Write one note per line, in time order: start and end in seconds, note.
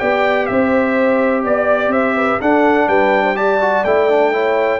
0.00 0.50 B3
0.00 2.41 G4
0.00 0.48 D5
0.00 0.47 G5
0.47 1.45 C4
0.47 1.45 C5
0.47 1.43 E5
1.45 1.88 B3
1.45 1.91 D5
1.45 1.92 D5
1.88 2.36 C4
1.88 2.15 C5
1.88 2.40 E5
2.16 2.40 B4
2.41 2.88 D4
2.41 3.35 D4
2.41 2.88 A4
2.41 2.89 F#5
2.88 3.84 G3
2.88 3.24 B4
2.88 3.37 G5
3.24 3.36 C5
3.35 3.60 G4
3.35 4.32 D5
3.35 3.85 A5
3.61 3.85 F#4
3.85 4.80 A3
3.85 4.10 E4
3.85 4.80 G5
4.10 4.33 D4
4.33 4.80 E4
4.33 4.80 C#5